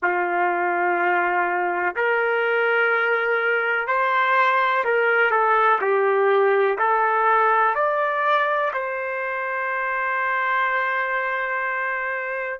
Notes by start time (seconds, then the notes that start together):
0.02 F4
1.96 A#4
3.87 C5
4.84 A#4
5.30 A4
5.81 G4
6.78 A4
7.75 D5
8.73 C5